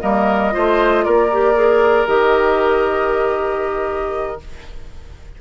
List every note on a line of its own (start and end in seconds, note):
0.00 0.55 G3
0.00 0.52 A#3
0.00 0.54 A#4
0.00 1.04 D#5
0.52 1.07 A3
0.52 1.29 F4
0.52 1.05 C5
1.04 2.07 A#3
1.04 4.41 A#4
1.04 2.07 D5
1.32 1.55 G4
1.55 2.07 G#4
2.07 4.40 D#3
2.07 4.39 G4
2.07 4.40 D#5